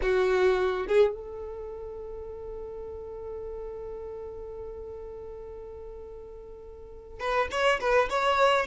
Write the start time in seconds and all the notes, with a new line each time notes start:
0.02 F#4
0.87 G#4
1.14 A4
7.19 B4
7.51 C#5
7.80 B4
8.09 C#5